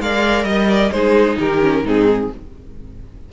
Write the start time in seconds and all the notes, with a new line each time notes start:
0.00 G#3 A#4 D5 F5
0.44 G3 D#5
0.69 D5
0.91 G#3 D#4 G#4 C5
1.39 D#3 G4 A#4
1.62 C#4
1.83 G#2 C4 D#4 G#4